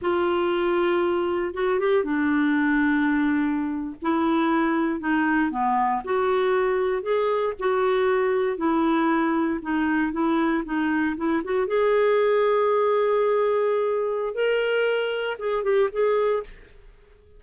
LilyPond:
\new Staff \with { instrumentName = "clarinet" } { \time 4/4 \tempo 4 = 117 f'2. fis'8 g'8 | d'2.~ d'8. e'16~ | e'4.~ e'16 dis'4 b4 fis'16~ | fis'4.~ fis'16 gis'4 fis'4~ fis'16~ |
fis'8. e'2 dis'4 e'16~ | e'8. dis'4 e'8 fis'8 gis'4~ gis'16~ | gis'1 | ais'2 gis'8 g'8 gis'4 | }